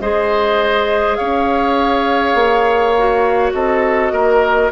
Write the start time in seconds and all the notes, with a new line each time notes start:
0.00 G#3 G#4 C5 D#5
1.15 C#4 C#5 F5
2.34 A#3
2.98 F#4
3.53 C4 A4 D#5
4.12 A#3 A#4